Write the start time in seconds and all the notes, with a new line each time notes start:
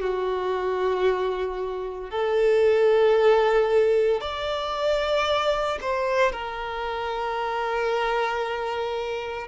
0.00 F#4
2.10 A4
4.21 D5
5.81 C5
6.32 A#4